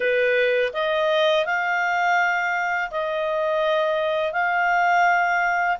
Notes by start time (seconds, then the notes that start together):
0.00 B4
0.73 D#5
1.45 F5
2.90 D#5
4.32 F5